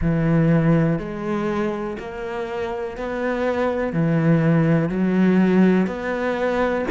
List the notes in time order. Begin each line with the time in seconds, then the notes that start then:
0.00 E3
0.98 G#3
1.99 A#3
2.97 B3
3.92 E3
4.89 F#3
5.86 B3